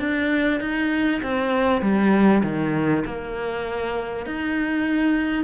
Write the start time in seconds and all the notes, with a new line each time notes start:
0.00 D4
0.61 D#4
1.23 C4
1.82 G3
2.44 D#3
3.06 A#3
4.26 D#4